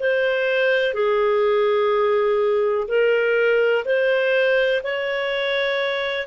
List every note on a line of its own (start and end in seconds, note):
0.00 0.94 C5
0.94 2.87 G#4
2.88 3.84 A#4
3.85 4.82 C5
4.83 6.27 C#5